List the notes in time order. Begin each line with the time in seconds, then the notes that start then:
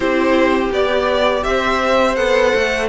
0.00 C4 E4 G4 C5
0.72 B3 G4 D5
1.43 C4 C5 E5
2.15 B3 A4 F#5
2.54 A3